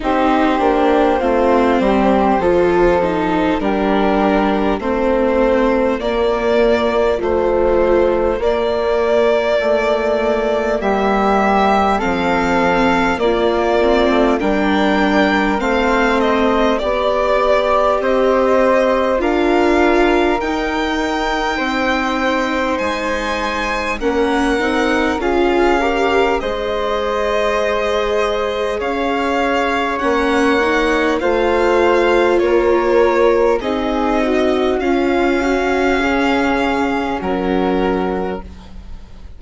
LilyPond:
<<
  \new Staff \with { instrumentName = "violin" } { \time 4/4 \tempo 4 = 50 c''2. ais'4 | c''4 d''4 c''4 d''4~ | d''4 e''4 f''4 d''4 | g''4 f''8 dis''8 d''4 dis''4 |
f''4 g''2 gis''4 | fis''4 f''4 dis''2 | f''4 fis''4 f''4 cis''4 | dis''4 f''2 ais'4 | }
  \new Staff \with { instrumentName = "flute" } { \time 4/4 g'4 f'8 g'8 a'4 g'4 | f'1~ | f'4 g'4 a'4 f'4 | ais'4 c''4 d''4 c''4 |
ais'2 c''2 | ais'4 gis'8 ais'8 c''2 | cis''2 c''4 ais'4 | gis'8 fis'8 f'8 fis'8 gis'4 fis'4 | }
  \new Staff \with { instrumentName = "viola" } { \time 4/4 dis'8 d'8 c'4 f'8 dis'8 d'4 | c'4 ais4 f4 ais4~ | ais2 c'4 ais8 c'8 | d'4 c'4 g'2 |
f'4 dis'2. | cis'8 dis'8 f'8 g'8 gis'2~ | gis'4 cis'8 dis'8 f'2 | dis'4 cis'2. | }
  \new Staff \with { instrumentName = "bassoon" } { \time 4/4 c'8 ais8 a8 g8 f4 g4 | a4 ais4 a4 ais4 | a4 g4 f4 ais8. a16 | g4 a4 b4 c'4 |
d'4 dis'4 c'4 gis4 | ais8 c'8 cis'4 gis2 | cis'4 ais4 a4 ais4 | c'4 cis'4 cis4 fis4 | }
>>